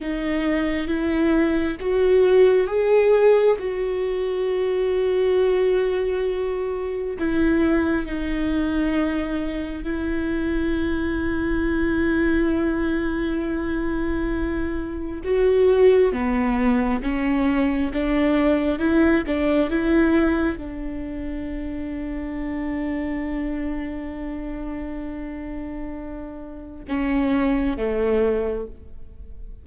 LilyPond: \new Staff \with { instrumentName = "viola" } { \time 4/4 \tempo 4 = 67 dis'4 e'4 fis'4 gis'4 | fis'1 | e'4 dis'2 e'4~ | e'1~ |
e'4 fis'4 b4 cis'4 | d'4 e'8 d'8 e'4 d'4~ | d'1~ | d'2 cis'4 a4 | }